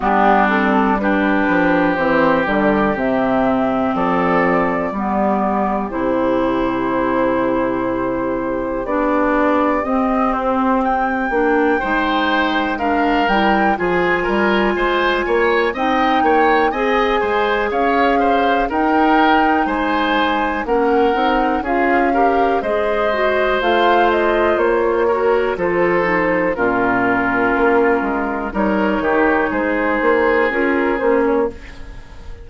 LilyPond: <<
  \new Staff \with { instrumentName = "flute" } { \time 4/4 \tempo 4 = 61 g'8 a'8 b'4 c''8 d''8 e''4 | d''2 c''2~ | c''4 d''4 dis''8 c''8 g''4~ | g''4 f''8 g''8 gis''2 |
g''4 gis''4 f''4 g''4 | gis''4 fis''4 f''4 dis''4 | f''8 dis''8 cis''4 c''4 ais'4~ | ais'4 cis''4 c''4 ais'8 c''16 cis''16 | }
  \new Staff \with { instrumentName = "oboe" } { \time 4/4 d'4 g'2. | a'4 g'2.~ | g'1 | c''4 ais'4 gis'8 ais'8 c''8 cis''8 |
dis''8 cis''8 dis''8 c''8 cis''8 c''8 ais'4 | c''4 ais'4 gis'8 ais'8 c''4~ | c''4. ais'8 a'4 f'4~ | f'4 ais'8 g'8 gis'2 | }
  \new Staff \with { instrumentName = "clarinet" } { \time 4/4 b8 c'8 d'4 c'8 g8 c'4~ | c'4 b4 e'2~ | e'4 d'4 c'4. d'8 | dis'4 d'8 e'8 f'2 |
dis'4 gis'2 dis'4~ | dis'4 cis'8 dis'8 f'8 g'8 gis'8 fis'8 | f'4. fis'8 f'8 dis'8 cis'4~ | cis'4 dis'2 f'8 cis'8 | }
  \new Staff \with { instrumentName = "bassoon" } { \time 4/4 g4. f8 e8 d8 c4 | f4 g4 c2~ | c4 b4 c'4. ais8 | gis4. g8 f8 g8 gis8 ais8 |
c'8 ais8 c'8 gis8 cis'4 dis'4 | gis4 ais8 c'8 cis'4 gis4 | a4 ais4 f4 ais,4 | ais8 gis8 g8 dis8 gis8 ais8 cis'8 ais8 | }
>>